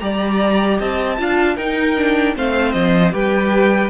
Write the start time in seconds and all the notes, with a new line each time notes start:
0.00 G3 G4 D5 A#5
0.79 C4 D#5 A5
1.18 D4 F4 F5
1.56 D#4 A#4 G5
1.96 D4
2.36 A3 C4 C5 F5
2.72 F3 D#5
3.12 G3 G4 B4 G5